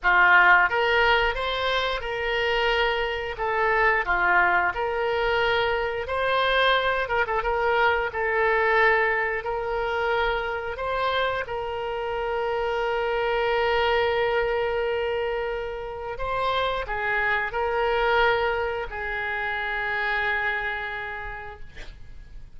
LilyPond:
\new Staff \with { instrumentName = "oboe" } { \time 4/4 \tempo 4 = 89 f'4 ais'4 c''4 ais'4~ | ais'4 a'4 f'4 ais'4~ | ais'4 c''4. ais'16 a'16 ais'4 | a'2 ais'2 |
c''4 ais'2.~ | ais'1 | c''4 gis'4 ais'2 | gis'1 | }